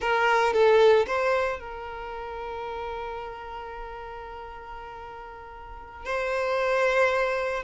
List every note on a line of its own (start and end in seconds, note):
0.00 0.53 A#4
0.53 1.06 A4
1.06 1.59 C5
1.59 6.05 A#4
6.05 7.63 C5